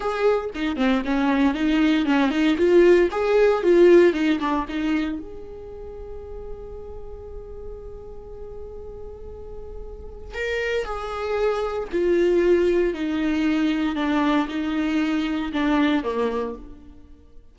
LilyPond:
\new Staff \with { instrumentName = "viola" } { \time 4/4 \tempo 4 = 116 gis'4 dis'8 c'8 cis'4 dis'4 | cis'8 dis'8 f'4 gis'4 f'4 | dis'8 d'8 dis'4 gis'2~ | gis'1~ |
gis'1 | ais'4 gis'2 f'4~ | f'4 dis'2 d'4 | dis'2 d'4 ais4 | }